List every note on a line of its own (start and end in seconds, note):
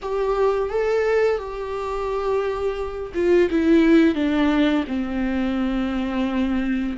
0.02 0.69 G4
0.69 1.38 A4
1.38 3.12 G4
3.14 3.49 F4
3.50 4.14 E4
4.14 4.84 D4
4.87 6.96 C4